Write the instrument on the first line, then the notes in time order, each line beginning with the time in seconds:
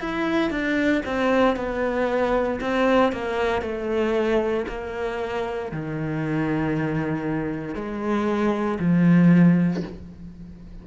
cello
0.00 E4
0.50 D4
1.05 C4
1.56 B3
2.61 C4
3.12 A#3
3.62 A3
4.68 A#3
5.72 D#3
7.75 G#3
8.79 F3